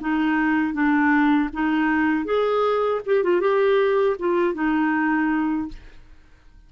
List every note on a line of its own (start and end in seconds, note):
0.00 0.74 D#4
0.74 1.49 D4
1.53 2.25 D#4
2.25 3.01 G#4
3.06 3.23 G4
3.23 3.40 F4
3.40 4.16 G4
4.19 4.54 F4
4.54 5.68 D#4